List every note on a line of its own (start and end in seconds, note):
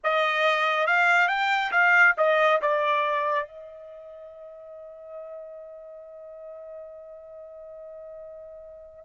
0.03 0.86 D#5
0.86 1.28 F5
1.28 1.71 G5
1.71 2.14 F5
2.17 2.60 D#5
2.61 3.47 D5
3.47 9.05 D#5